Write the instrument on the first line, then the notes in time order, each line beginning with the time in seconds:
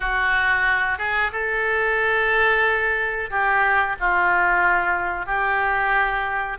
oboe
0.00 F#4
0.98 G#4
1.32 A4
3.30 G4
4.00 F4
5.26 G4